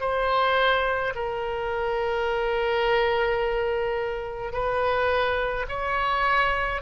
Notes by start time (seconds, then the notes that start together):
0.00 C5
1.15 A#4
4.52 B4
5.69 C#5